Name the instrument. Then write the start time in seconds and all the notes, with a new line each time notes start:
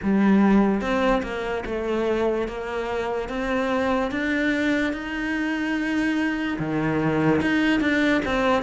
cello
0.02 G3
0.81 C4
1.23 A#3
1.65 A3
2.48 A#3
3.29 C4
4.11 D4
4.93 D#4
6.58 D#3
7.41 D#4
7.80 D4
8.25 C4